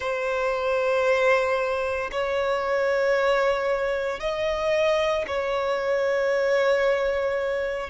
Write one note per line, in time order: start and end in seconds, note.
0.00 2.10 C5
2.11 4.20 C#5
4.20 5.25 D#5
5.27 7.89 C#5